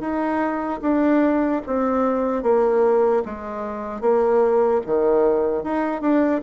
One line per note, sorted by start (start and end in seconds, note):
0.00 0.80 D#4
0.81 1.61 D4
1.66 2.43 C4
2.43 3.23 A#3
3.25 4.01 G#3
4.01 4.81 A#3
4.86 5.64 D#3
5.64 6.01 D#4
6.01 6.41 D4